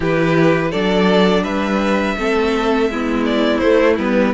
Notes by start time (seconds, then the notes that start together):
0.00 E3 E4 G4 B4
0.70 F#3 D4 A4 D5
1.43 G3 B4 E5
2.16 A3 C4 A4
2.88 G#3 B3 E4
3.25 D5
3.58 A3 C5
3.97 G3 B3 B4